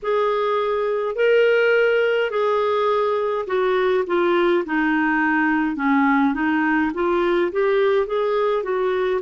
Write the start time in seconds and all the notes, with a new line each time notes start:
0.02 G#4
1.15 A#4
2.30 G#4
3.46 F#4
4.06 F4
4.65 D#4
5.76 C#4
6.34 D#4
6.93 F4
7.52 G4
8.06 G#4
8.63 F#4